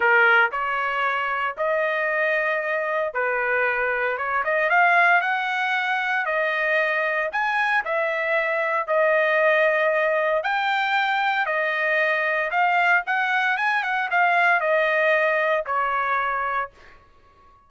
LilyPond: \new Staff \with { instrumentName = "trumpet" } { \time 4/4 \tempo 4 = 115 ais'4 cis''2 dis''4~ | dis''2 b'2 | cis''8 dis''8 f''4 fis''2 | dis''2 gis''4 e''4~ |
e''4 dis''2. | g''2 dis''2 | f''4 fis''4 gis''8 fis''8 f''4 | dis''2 cis''2 | }